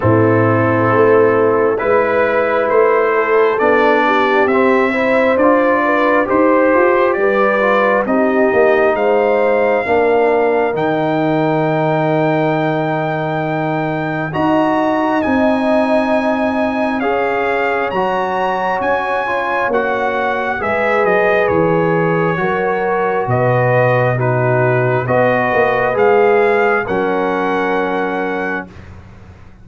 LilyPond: <<
  \new Staff \with { instrumentName = "trumpet" } { \time 4/4 \tempo 4 = 67 a'2 b'4 c''4 | d''4 e''4 d''4 c''4 | d''4 dis''4 f''2 | g''1 |
ais''4 gis''2 f''4 | ais''4 gis''4 fis''4 e''8 dis''8 | cis''2 dis''4 b'4 | dis''4 f''4 fis''2 | }
  \new Staff \with { instrumentName = "horn" } { \time 4/4 e'2 b'4. a'8~ | a'8 g'4 c''4 b'8 c''4 | b'4 g'4 c''4 ais'4~ | ais'1 |
dis''2. cis''4~ | cis''2. b'4~ | b'4 ais'4 b'4 fis'4 | b'2 ais'2 | }
  \new Staff \with { instrumentName = "trombone" } { \time 4/4 c'2 e'2 | d'4 c'8 e'8 f'4 g'4~ | g'8 f'8 dis'2 d'4 | dis'1 |
fis'4 dis'2 gis'4 | fis'4. f'8 fis'4 gis'4~ | gis'4 fis'2 dis'4 | fis'4 gis'4 cis'2 | }
  \new Staff \with { instrumentName = "tuba" } { \time 4/4 a,4 a4 gis4 a4 | b4 c'4 d'4 dis'8 f'8 | g4 c'8 ais8 gis4 ais4 | dis1 |
dis'4 c'2 cis'4 | fis4 cis'4 ais4 gis8 fis8 | e4 fis4 b,2 | b8 ais8 gis4 fis2 | }
>>